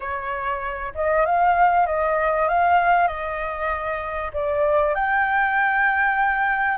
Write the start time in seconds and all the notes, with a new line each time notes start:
0.00 C#5
0.94 D#5
1.25 F5
1.86 D#5
2.48 F5
3.07 D#5
4.33 D5
4.94 G5